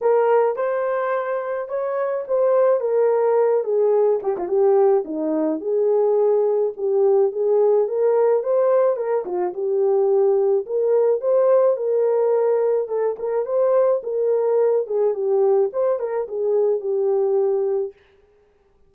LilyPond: \new Staff \with { instrumentName = "horn" } { \time 4/4 \tempo 4 = 107 ais'4 c''2 cis''4 | c''4 ais'4. gis'4 g'16 f'16 | g'4 dis'4 gis'2 | g'4 gis'4 ais'4 c''4 |
ais'8 f'8 g'2 ais'4 | c''4 ais'2 a'8 ais'8 | c''4 ais'4. gis'8 g'4 | c''8 ais'8 gis'4 g'2 | }